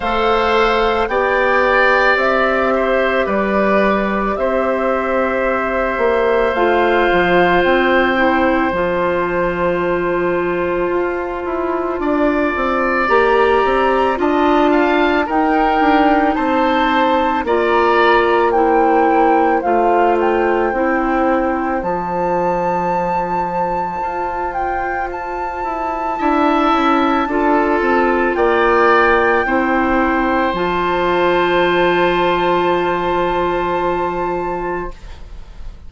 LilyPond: <<
  \new Staff \with { instrumentName = "flute" } { \time 4/4 \tempo 4 = 55 f''4 g''4 e''4 d''4 | e''2 f''4 g''4 | a''1 | ais''4 a''4 g''4 a''4 |
ais''4 g''4 f''8 g''4. | a''2~ a''8 g''8 a''4~ | a''2 g''2 | a''1 | }
  \new Staff \with { instrumentName = "oboe" } { \time 4/4 c''4 d''4. c''8 b'4 | c''1~ | c''2. d''4~ | d''4 dis''8 f''8 ais'4 c''4 |
d''4 c''2.~ | c''1 | e''4 a'4 d''4 c''4~ | c''1 | }
  \new Staff \with { instrumentName = "clarinet" } { \time 4/4 a'4 g'2.~ | g'2 f'4. e'8 | f'1 | g'4 f'4 dis'2 |
f'4 e'4 f'4 e'4 | f'1 | e'4 f'2 e'4 | f'1 | }
  \new Staff \with { instrumentName = "bassoon" } { \time 4/4 a4 b4 c'4 g4 | c'4. ais8 a8 f8 c'4 | f2 f'8 e'8 d'8 c'8 | ais8 c'8 d'4 dis'8 d'8 c'4 |
ais2 a4 c'4 | f2 f'4. e'8 | d'8 cis'8 d'8 c'8 ais4 c'4 | f1 | }
>>